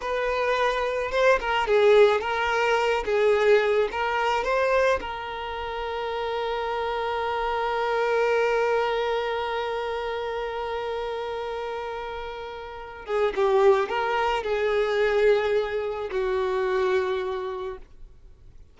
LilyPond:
\new Staff \with { instrumentName = "violin" } { \time 4/4 \tempo 4 = 108 b'2 c''8 ais'8 gis'4 | ais'4. gis'4. ais'4 | c''4 ais'2.~ | ais'1~ |
ais'1~ | ais'2.~ ais'8 gis'8 | g'4 ais'4 gis'2~ | gis'4 fis'2. | }